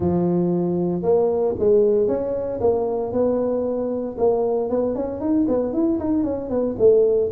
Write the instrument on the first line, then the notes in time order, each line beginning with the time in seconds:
tuba
0.00 F3
1.02 A#3
1.58 G#3
2.07 C#4
2.60 A#3
3.12 B3
4.18 A#3
4.69 B3
4.95 C#4
5.20 D#4
5.48 B3
5.72 E4
5.99 D#4
6.23 C#4
6.49 B3
6.78 A3